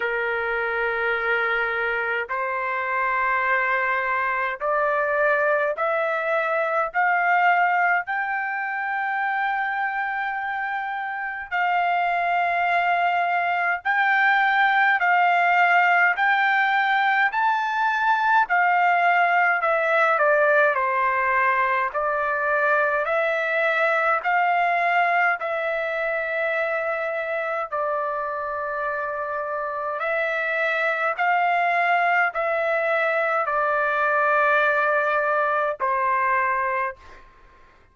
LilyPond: \new Staff \with { instrumentName = "trumpet" } { \time 4/4 \tempo 4 = 52 ais'2 c''2 | d''4 e''4 f''4 g''4~ | g''2 f''2 | g''4 f''4 g''4 a''4 |
f''4 e''8 d''8 c''4 d''4 | e''4 f''4 e''2 | d''2 e''4 f''4 | e''4 d''2 c''4 | }